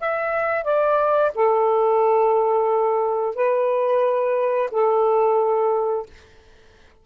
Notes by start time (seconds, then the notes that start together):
0.00 E5
0.64 D5
1.35 A4
3.35 B4
4.71 A4